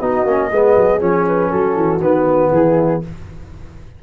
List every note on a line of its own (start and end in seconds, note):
0.00 0.24 B3
0.00 0.26 D#4
0.00 0.50 F#4
0.00 1.00 D#5
0.24 0.49 A#3
0.24 0.51 C#4
0.51 0.76 G#3
0.51 1.00 B3
0.51 1.51 G#4
0.76 1.01 F#3
1.00 1.51 F3
1.00 2.00 C#4
1.00 1.26 C#5
1.27 1.50 B4
1.50 1.75 F#3
1.50 2.51 F#4
1.50 2.00 A4
1.75 1.99 E3
1.99 2.49 D#3
1.99 3.02 B3
1.99 2.51 B4
2.52 3.02 E3
2.52 3.03 E4
2.52 3.02 G#4